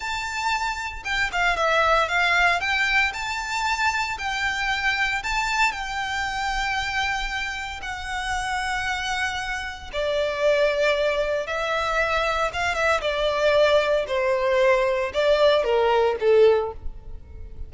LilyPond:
\new Staff \with { instrumentName = "violin" } { \time 4/4 \tempo 4 = 115 a''2 g''8 f''8 e''4 | f''4 g''4 a''2 | g''2 a''4 g''4~ | g''2. fis''4~ |
fis''2. d''4~ | d''2 e''2 | f''8 e''8 d''2 c''4~ | c''4 d''4 ais'4 a'4 | }